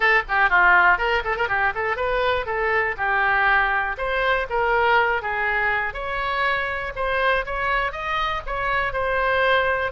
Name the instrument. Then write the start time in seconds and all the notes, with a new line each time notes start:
oboe
0.00 A4
0.28 G4
0.49 F4
0.98 A#4
1.24 A4
1.36 A#4
1.48 G4
1.74 A4
1.96 B4
2.46 A4
2.97 G4
3.97 C5
4.49 A#4
5.22 G#4
5.93 C#5
6.95 C5
7.45 C#5
7.91 D#5
8.46 C#5
8.92 C5